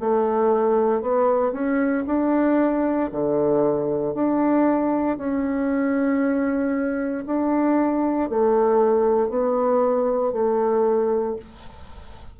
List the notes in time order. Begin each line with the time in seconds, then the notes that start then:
0.00 A3
1.02 B3
1.52 C#4
2.07 D4
3.12 D3
4.14 D4
5.18 C#4
7.26 D4
8.29 A3
9.29 B3
10.33 A3